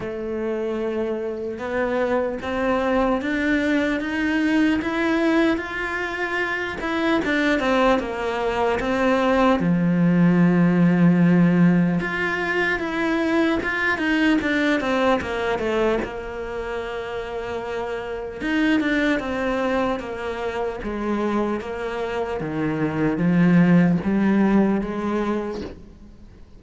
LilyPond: \new Staff \with { instrumentName = "cello" } { \time 4/4 \tempo 4 = 75 a2 b4 c'4 | d'4 dis'4 e'4 f'4~ | f'8 e'8 d'8 c'8 ais4 c'4 | f2. f'4 |
e'4 f'8 dis'8 d'8 c'8 ais8 a8 | ais2. dis'8 d'8 | c'4 ais4 gis4 ais4 | dis4 f4 g4 gis4 | }